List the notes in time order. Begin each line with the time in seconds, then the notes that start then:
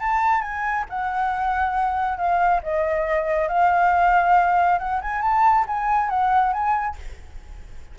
0.00 A5
0.41 G#5
0.89 F#5
2.17 F5
2.63 D#5
3.48 F5
4.79 F#5
5.01 G#5
5.21 A5
5.67 G#5
6.09 F#5
6.53 G#5